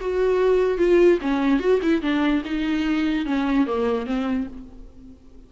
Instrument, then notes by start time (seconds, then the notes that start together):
viola
0.00 F#4
0.78 F4
1.21 C#4
1.60 F#4
1.82 E4
2.01 D4
2.44 D#4
3.25 C#4
3.66 A#3
4.06 C4